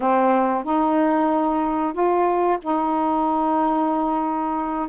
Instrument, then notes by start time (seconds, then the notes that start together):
saxophone
0.00 C4
0.63 D#4
1.93 F4
2.61 D#4